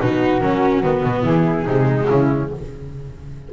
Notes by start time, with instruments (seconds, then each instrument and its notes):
0.00 double bass B2, viola D#4, flute F#4 B4
0.40 double bass F#3, viola C#4, flute A#4
0.82 double bass D#3, viola B3, flute B4
1.04 double bass B2
1.22 double bass E3, flute E4 G#4
1.65 double bass C3, viola G#3, flute D#4
2.02 flute F#4
2.09 double bass C#3, flute C#4 E4